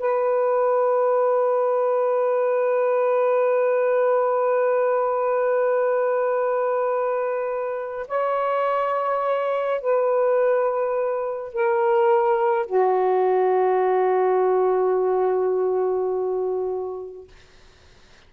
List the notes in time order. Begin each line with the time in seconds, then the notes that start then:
0.00 B4
8.08 C#5
9.81 B4
11.54 A#4
12.67 F#4